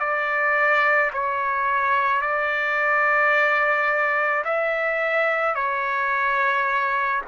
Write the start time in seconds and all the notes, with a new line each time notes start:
0.00 D5
1.13 C#5
2.22 D5
4.44 E5
5.55 C#5